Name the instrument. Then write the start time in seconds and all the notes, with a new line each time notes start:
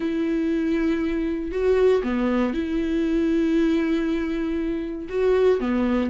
viola
0.00 E4
1.51 F#4
2.03 B3
2.53 E4
5.09 F#4
5.60 B3